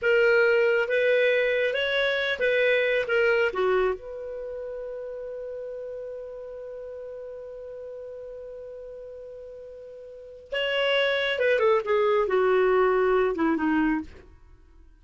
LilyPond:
\new Staff \with { instrumentName = "clarinet" } { \time 4/4 \tempo 4 = 137 ais'2 b'2 | cis''4. b'4. ais'4 | fis'4 b'2.~ | b'1~ |
b'1~ | b'1 | cis''2 b'8 a'8 gis'4 | fis'2~ fis'8 e'8 dis'4 | }